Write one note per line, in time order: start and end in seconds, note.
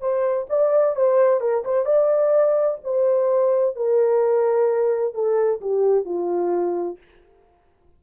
0.00 0.47 C5
0.49 0.96 D5
0.96 1.40 C5
1.40 1.64 A#4
1.64 1.85 C5
1.85 2.78 D5
2.84 3.75 C5
3.75 5.14 A#4
5.14 5.60 A4
5.61 6.05 G4
6.05 6.98 F4